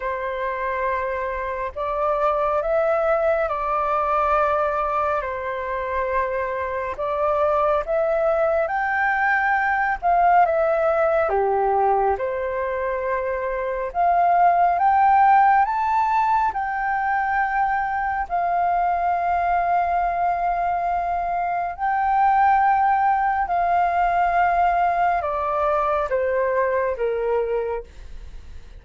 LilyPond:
\new Staff \with { instrumentName = "flute" } { \time 4/4 \tempo 4 = 69 c''2 d''4 e''4 | d''2 c''2 | d''4 e''4 g''4. f''8 | e''4 g'4 c''2 |
f''4 g''4 a''4 g''4~ | g''4 f''2.~ | f''4 g''2 f''4~ | f''4 d''4 c''4 ais'4 | }